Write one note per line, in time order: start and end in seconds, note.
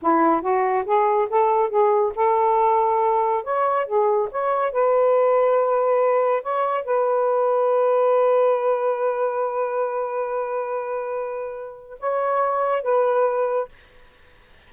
0.02 0.41 E4
0.41 0.84 F#4
0.85 1.28 G#4
1.29 1.69 A4
1.69 2.12 G#4
2.15 3.43 A4
3.43 3.86 C#5
3.86 4.29 G#4
4.31 4.72 C#5
4.72 6.43 B4
6.43 6.84 C#5
6.84 11.98 B4
11.99 12.82 C#5
12.82 13.68 B4